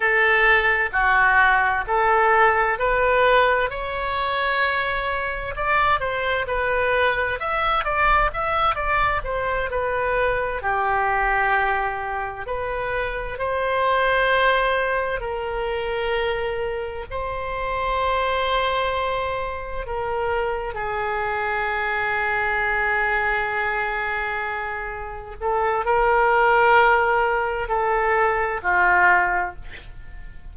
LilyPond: \new Staff \with { instrumentName = "oboe" } { \time 4/4 \tempo 4 = 65 a'4 fis'4 a'4 b'4 | cis''2 d''8 c''8 b'4 | e''8 d''8 e''8 d''8 c''8 b'4 g'8~ | g'4. b'4 c''4.~ |
c''8 ais'2 c''4.~ | c''4. ais'4 gis'4.~ | gis'2.~ gis'8 a'8 | ais'2 a'4 f'4 | }